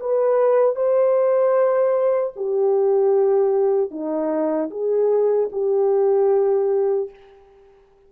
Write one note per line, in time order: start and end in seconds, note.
0.00 0.75 B4
0.75 2.33 C5
2.36 3.91 G4
3.91 4.70 D#4
4.70 5.49 G#4
5.52 7.10 G4